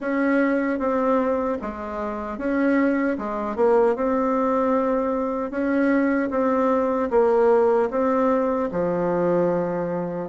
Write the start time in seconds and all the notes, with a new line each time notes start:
0.00 C#4
0.79 C4
1.61 G#3
2.38 C#4
3.18 G#3
3.56 A#3
3.95 C4
5.50 C#4
6.30 C4
7.10 A#3
7.90 C4
8.71 F3